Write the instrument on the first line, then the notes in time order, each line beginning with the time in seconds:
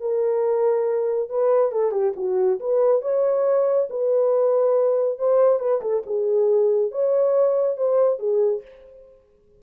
horn
0.00 A#4
1.29 B4
1.71 A4
1.91 G4
2.16 F#4
2.59 B4
3.02 C#5
3.89 B4
5.18 C5
5.59 B4
5.81 A4
6.06 G#4
6.91 C#5
7.77 C5
8.18 G#4